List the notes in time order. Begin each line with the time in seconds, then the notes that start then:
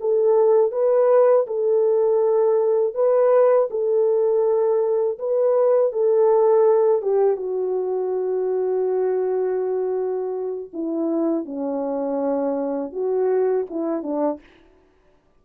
0.00 A4
0.71 B4
1.46 A4
2.94 B4
3.70 A4
5.19 B4
5.92 A4
7.02 G4
7.36 F#4
10.73 E4
11.45 C#4
12.92 F#4
13.70 E4
14.03 D4